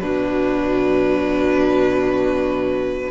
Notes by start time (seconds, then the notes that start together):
0.00 B2 F#3 D4 B4